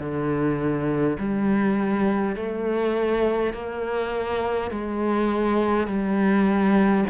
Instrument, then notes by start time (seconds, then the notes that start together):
cello
0.00 D3
1.19 G3
2.36 A3
3.53 A#3
4.71 G#3
5.87 G3